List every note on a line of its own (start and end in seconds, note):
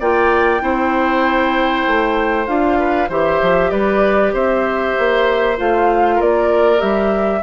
0.00 0.62 A#3
0.00 0.60 F4
0.00 0.62 D5
0.00 2.47 G5
0.60 1.85 C4
0.60 2.46 E4
0.60 2.79 C5
1.87 2.47 A3
2.47 3.09 D4
2.47 3.09 F4
2.47 3.09 F5
2.79 3.09 B4
3.09 3.40 E3
3.09 5.57 G4
3.09 3.71 C5
3.09 3.71 E5
3.42 3.72 F3
3.71 4.33 G3
3.71 4.33 B4
3.71 4.33 D5
4.34 4.95 C4
4.34 6.15 C5
4.34 5.58 E5
4.99 5.59 A#3
5.57 6.21 A3
5.57 6.78 F4
5.57 6.21 F5
6.15 6.82 A#3
6.15 7.39 A#4
6.21 6.81 D5
6.78 7.43 G3
6.78 7.40 G4
6.78 7.43 E5